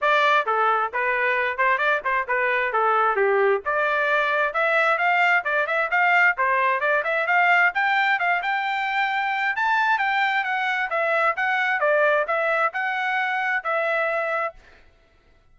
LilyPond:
\new Staff \with { instrumentName = "trumpet" } { \time 4/4 \tempo 4 = 132 d''4 a'4 b'4. c''8 | d''8 c''8 b'4 a'4 g'4 | d''2 e''4 f''4 | d''8 e''8 f''4 c''4 d''8 e''8 |
f''4 g''4 f''8 g''4.~ | g''4 a''4 g''4 fis''4 | e''4 fis''4 d''4 e''4 | fis''2 e''2 | }